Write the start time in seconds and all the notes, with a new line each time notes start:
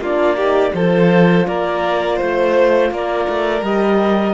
0.00 A#3 D4 F4 D5
0.37 D#4 G4
0.74 F3 F4 A4 C5
1.47 A#3 A#4 D5
2.16 A3 C5
2.91 A#3 A#4 D5
3.29 A3
3.62 G3 G4 D#5